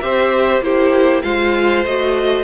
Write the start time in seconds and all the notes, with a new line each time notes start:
0.00 C4 G4 C5 E5
0.61 A#3 E4 G4 C5
1.22 G#3 F4 C5 F5
1.85 A3 F#4 D#5